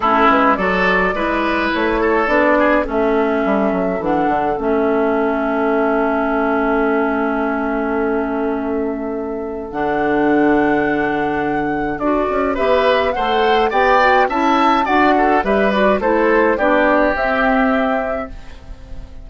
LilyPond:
<<
  \new Staff \with { instrumentName = "flute" } { \time 4/4 \tempo 4 = 105 a'8 b'8 d''2 cis''4 | d''4 e''2 fis''4 | e''1~ | e''1~ |
e''4 fis''2.~ | fis''4 d''4 e''4 fis''4 | g''4 a''4 fis''4 e''8 d''8 | c''4 d''4 e''2 | }
  \new Staff \with { instrumentName = "oboe" } { \time 4/4 e'4 a'4 b'4. a'8~ | a'8 gis'8 a'2.~ | a'1~ | a'1~ |
a'1~ | a'2 b'4 c''4 | d''4 e''4 d''8 a'8 b'4 | a'4 g'2. | }
  \new Staff \with { instrumentName = "clarinet" } { \time 4/4 cis'4 fis'4 e'2 | d'4 cis'2 d'4 | cis'1~ | cis'1~ |
cis'4 d'2.~ | d'4 fis'4 g'4 a'4 | g'8 fis'8 e'4 fis'4 g'8 fis'8 | e'4 d'4 c'2 | }
  \new Staff \with { instrumentName = "bassoon" } { \time 4/4 a8 gis8 fis4 gis4 a4 | b4 a4 g8 fis8 e8 d8 | a1~ | a1~ |
a4 d2.~ | d4 d'8 cis'8 b4 a4 | b4 cis'4 d'4 g4 | a4 b4 c'2 | }
>>